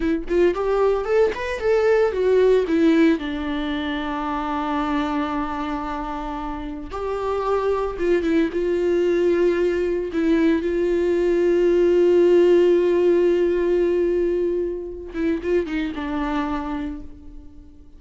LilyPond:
\new Staff \with { instrumentName = "viola" } { \time 4/4 \tempo 4 = 113 e'8 f'8 g'4 a'8 b'8 a'4 | fis'4 e'4 d'2~ | d'1~ | d'4 g'2 f'8 e'8 |
f'2. e'4 | f'1~ | f'1~ | f'8 e'8 f'8 dis'8 d'2 | }